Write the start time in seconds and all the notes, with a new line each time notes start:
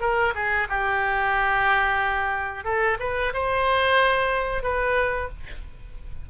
0.00 A#4
0.34 G#4
0.69 G4
2.64 A4
2.99 B4
3.33 C5
4.62 B4